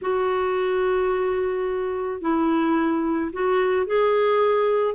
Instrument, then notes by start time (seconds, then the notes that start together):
clarinet
0.01 F#4
2.21 E4
3.32 F#4
3.86 G#4